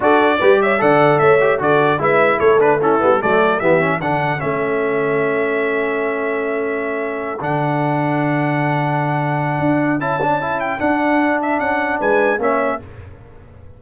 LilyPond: <<
  \new Staff \with { instrumentName = "trumpet" } { \time 4/4 \tempo 4 = 150 d''4. e''8 fis''4 e''4 | d''4 e''4 cis''8 b'8 a'4 | d''4 e''4 fis''4 e''4~ | e''1~ |
e''2~ e''8 fis''4.~ | fis''1~ | fis''4 a''4. g''8 fis''4~ | fis''8 e''8 fis''4 gis''4 e''4 | }
  \new Staff \with { instrumentName = "horn" } { \time 4/4 a'4 b'8 cis''8 d''4 cis''4 | a'4 b'4 a'4 e'4 | a'4 g'4 a'2~ | a'1~ |
a'1~ | a'1~ | a'1~ | a'2 b'4 cis''4 | }
  \new Staff \with { instrumentName = "trombone" } { \time 4/4 fis'4 g'4 a'4. g'8 | fis'4 e'4. d'8 cis'8 b8 | a4 b8 cis'8 d'4 cis'4~ | cis'1~ |
cis'2~ cis'8 d'4.~ | d'1~ | d'4 e'8 d'8 e'4 d'4~ | d'2. cis'4 | }
  \new Staff \with { instrumentName = "tuba" } { \time 4/4 d'4 g4 d4 a4 | d4 gis4 a4. g8 | fis4 e4 d4 a4~ | a1~ |
a2~ a8 d4.~ | d1 | d'4 cis'2 d'4~ | d'4 cis'4 gis4 ais4 | }
>>